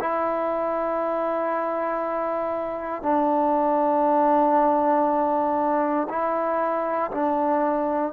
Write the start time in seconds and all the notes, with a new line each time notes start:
0.00 E4
3.03 D4
6.10 E4
7.11 D4